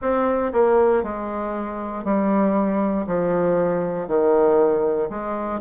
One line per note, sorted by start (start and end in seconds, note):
0.01 0.52 C4
0.52 1.03 A#3
1.03 2.04 G#3
2.04 3.06 G3
3.06 4.07 F3
4.07 5.09 D#3
5.09 5.60 G#3